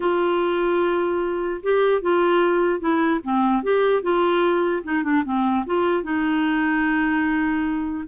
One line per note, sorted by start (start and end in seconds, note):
0.00 1.61 F4
1.62 2.01 G4
2.01 2.79 F4
2.79 3.20 E4
3.23 3.63 C4
3.63 4.02 G4
4.02 4.82 F4
4.83 5.03 D#4
5.03 5.23 D4
5.25 5.65 C4
5.66 6.03 F4
6.03 8.04 D#4